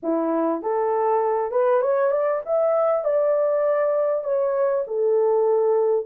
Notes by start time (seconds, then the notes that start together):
0.02 E4
0.61 A4
1.51 B4
1.81 C#5
2.11 D5
2.45 E5
3.04 D5
4.23 C#5
4.87 A4